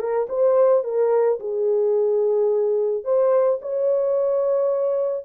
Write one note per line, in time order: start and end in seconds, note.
0.00 0.28 A#4
0.30 0.84 C5
0.84 1.39 A#4
1.40 3.05 G#4
3.05 3.60 C5
3.62 5.26 C#5